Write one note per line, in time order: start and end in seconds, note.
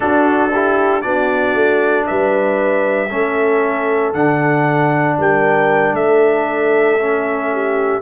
0.00 0.50 D4
0.00 1.04 D4
0.00 0.51 F#4
0.00 1.01 A4
0.51 1.02 E4
0.51 1.03 G4
1.01 1.54 B3
1.01 3.09 D4
1.01 2.07 F#4
1.01 2.05 D5
1.54 2.05 A3
2.06 3.11 G3
2.06 3.09 B4
2.06 4.13 E5
3.09 4.13 A3
3.09 4.14 C#4
3.09 5.16 A4
4.13 5.17 D3
4.13 6.98 D4
4.13 5.17 F#5
5.18 5.93 G3
5.18 5.94 A#4
5.18 5.95 G5
5.93 8.00 A3
5.93 7.50 A4
5.93 8.01 E5
6.99 8.01 C#4
7.52 8.01 G4